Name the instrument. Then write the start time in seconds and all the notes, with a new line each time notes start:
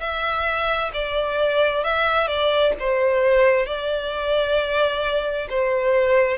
violin
0.00 E5
0.93 D5
1.83 E5
2.27 D5
2.79 C5
3.66 D5
5.49 C5